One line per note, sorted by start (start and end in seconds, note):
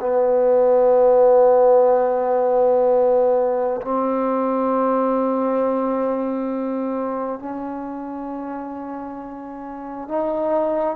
0.00 3.81 B3
3.81 7.39 C4
7.39 10.08 C#4
10.08 10.96 D#4